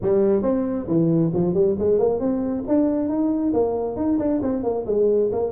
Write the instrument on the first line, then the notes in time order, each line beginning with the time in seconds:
tuba
0.01 G3
0.42 C4
0.87 E3
1.33 F3
1.54 G3
1.78 G#3
1.98 A#3
2.19 C4
2.67 D4
3.08 D#4
3.53 A#3
3.96 D#4
4.18 D4
4.42 C4
4.63 A#3
4.86 G#3
5.32 A#3